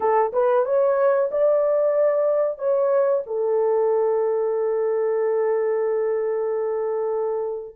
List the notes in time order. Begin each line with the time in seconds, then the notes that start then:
0.00 A4
0.32 B4
0.65 C#5
1.31 D5
2.58 C#5
3.26 A4